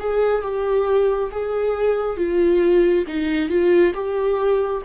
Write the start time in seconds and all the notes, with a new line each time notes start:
0.00 G#4
0.43 G4
1.32 G#4
2.17 F4
3.08 D#4
3.50 F4
3.94 G4